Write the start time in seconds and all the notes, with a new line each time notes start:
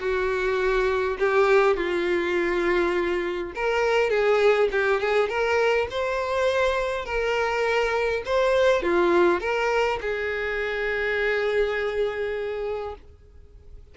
0.00 F#4
1.20 G4
1.76 F4
3.55 A#4
4.10 G#4
4.72 G4
5.01 G#4
5.29 A#4
5.91 C5
7.05 A#4
8.26 C5
8.83 F4
9.40 A#4
10.01 G#4